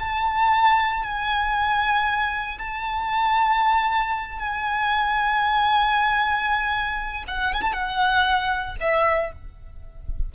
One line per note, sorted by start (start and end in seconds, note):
0.00 1.03 A5
1.03 2.59 G#5
2.59 4.40 A5
4.40 7.24 G#5
7.28 7.54 F#5
7.54 7.62 G#5
7.62 7.73 A5
7.73 8.77 F#5
8.81 9.32 E5